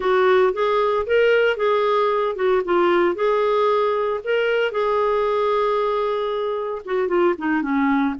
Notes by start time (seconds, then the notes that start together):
0.00 F#4
0.53 G#4
1.06 A#4
1.56 G#4
2.35 F#4
2.65 F4
3.15 G#4
4.24 A#4
4.71 G#4
6.85 F#4
7.08 F4
7.38 D#4
7.62 C#4